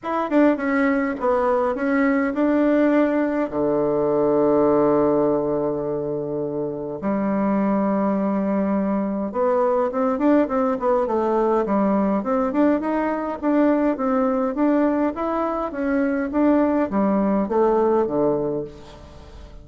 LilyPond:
\new Staff \with { instrumentName = "bassoon" } { \time 4/4 \tempo 4 = 103 e'8 d'8 cis'4 b4 cis'4 | d'2 d2~ | d1 | g1 |
b4 c'8 d'8 c'8 b8 a4 | g4 c'8 d'8 dis'4 d'4 | c'4 d'4 e'4 cis'4 | d'4 g4 a4 d4 | }